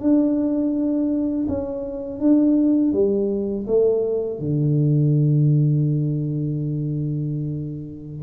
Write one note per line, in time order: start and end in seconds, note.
0.00 1.46 D4
1.48 2.20 C#4
2.20 2.92 D4
2.92 3.66 G3
3.67 4.39 A3
4.39 8.23 D3